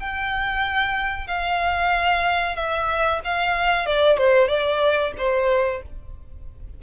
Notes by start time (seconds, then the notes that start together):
0.00 G5
1.27 F5
2.56 E5
3.24 F5
3.86 D5
4.18 C5
4.48 D5
5.18 C5